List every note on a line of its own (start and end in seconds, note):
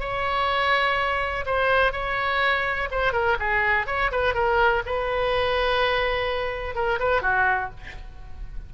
0.00 1.45 C#5
1.46 1.92 C5
1.92 2.89 C#5
2.91 3.13 C5
3.13 3.37 A#4
3.40 3.87 G#4
3.87 4.11 C#5
4.12 4.34 B4
4.34 4.83 A#4
4.86 6.75 B4
6.75 6.99 A#4
6.99 7.22 B4
7.22 7.70 F#4